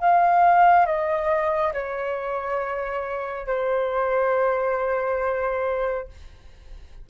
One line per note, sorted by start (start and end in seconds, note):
0.00 0.87 F5
0.87 1.74 D#5
1.74 3.47 C#5
3.47 6.08 C5